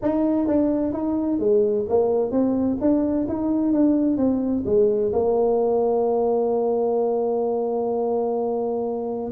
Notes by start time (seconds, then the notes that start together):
0.01 D#4
0.47 D4
0.93 D#4
1.39 G#3
1.88 A#3
2.31 C4
2.80 D4
3.28 D#4
3.73 D4
4.17 C4
4.65 G#3
5.12 A#3